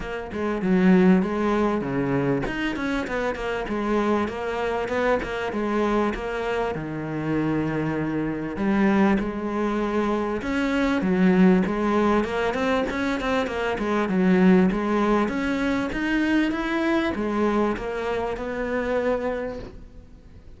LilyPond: \new Staff \with { instrumentName = "cello" } { \time 4/4 \tempo 4 = 98 ais8 gis8 fis4 gis4 cis4 | dis'8 cis'8 b8 ais8 gis4 ais4 | b8 ais8 gis4 ais4 dis4~ | dis2 g4 gis4~ |
gis4 cis'4 fis4 gis4 | ais8 c'8 cis'8 c'8 ais8 gis8 fis4 | gis4 cis'4 dis'4 e'4 | gis4 ais4 b2 | }